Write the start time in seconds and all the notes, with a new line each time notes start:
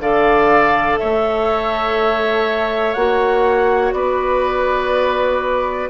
0.00 D3 A4 D5 F5
0.98 A3 C#5 E5
2.93 A#3 F#4 F#5
3.93 B3 B4 D5